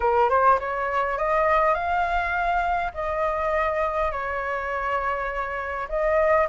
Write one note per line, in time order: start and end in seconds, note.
0.00 0.29 A#4
0.29 0.59 C5
0.59 1.18 C#5
1.18 1.74 D#5
1.74 2.91 F5
2.94 4.11 D#5
4.11 5.88 C#5
5.89 6.47 D#5